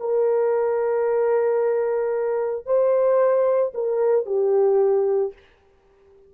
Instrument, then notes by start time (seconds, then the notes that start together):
horn
0.00 A#4
2.66 C5
3.75 A#4
4.26 G4